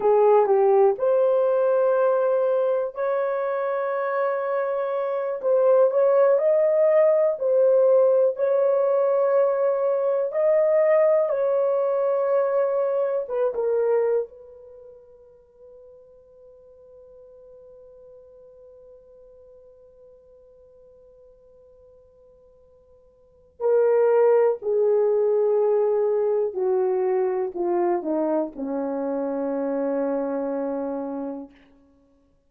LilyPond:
\new Staff \with { instrumentName = "horn" } { \time 4/4 \tempo 4 = 61 gis'8 g'8 c''2 cis''4~ | cis''4. c''8 cis''8 dis''4 c''8~ | c''8 cis''2 dis''4 cis''8~ | cis''4. b'16 ais'8. b'4.~ |
b'1~ | b'1 | ais'4 gis'2 fis'4 | f'8 dis'8 cis'2. | }